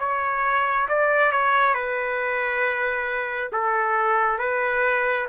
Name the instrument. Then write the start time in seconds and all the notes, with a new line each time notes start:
trumpet
0.00 C#5
0.89 D5
1.32 C#5
1.75 B4
3.53 A4
4.39 B4